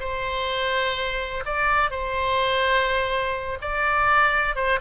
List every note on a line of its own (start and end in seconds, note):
0.00 1.44 C5
1.46 1.91 D5
1.91 3.59 C5
3.62 4.56 D5
4.56 4.80 C5